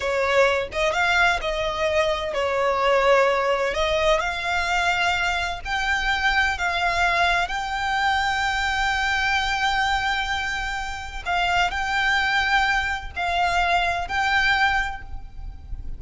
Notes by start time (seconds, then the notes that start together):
0.00 C#5
0.72 D#5
0.92 F5
1.41 D#5
2.33 C#5
3.74 D#5
4.20 F5
5.64 G5
6.58 F5
7.48 G5
11.25 F5
11.70 G5
13.15 F5
14.08 G5